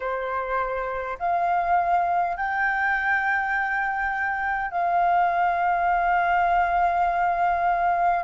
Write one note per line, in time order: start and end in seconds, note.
0.00 1.18 C5
1.19 2.36 F5
2.36 4.71 G5
4.71 8.24 F5